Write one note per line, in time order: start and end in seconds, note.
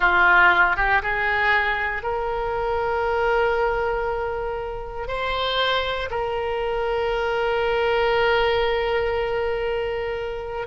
0.00 0.76 F4
0.76 1.02 G4
1.02 2.02 G#4
2.02 5.07 A#4
5.07 6.09 C5
6.10 10.67 A#4